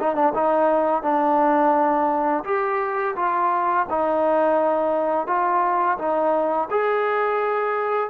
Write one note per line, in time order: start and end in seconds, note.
0.00 0.15 D#4
0.15 0.33 D4
0.34 1.03 D#4
1.03 2.44 D4
2.44 3.15 G4
3.16 3.86 F4
3.90 5.27 D#4
5.27 5.98 F4
5.98 6.69 D#4
6.71 8.10 G#4